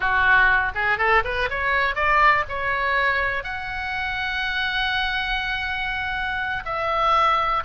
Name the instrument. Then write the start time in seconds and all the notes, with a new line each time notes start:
oboe
0.00 F#4
0.74 G#4
0.98 A4
1.24 B4
1.50 C#5
1.95 D5
2.49 C#5
3.43 F#5
6.65 E5